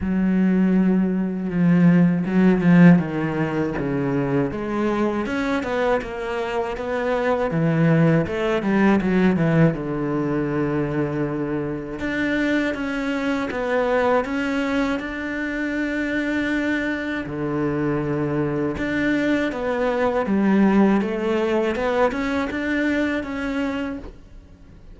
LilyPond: \new Staff \with { instrumentName = "cello" } { \time 4/4 \tempo 4 = 80 fis2 f4 fis8 f8 | dis4 cis4 gis4 cis'8 b8 | ais4 b4 e4 a8 g8 | fis8 e8 d2. |
d'4 cis'4 b4 cis'4 | d'2. d4~ | d4 d'4 b4 g4 | a4 b8 cis'8 d'4 cis'4 | }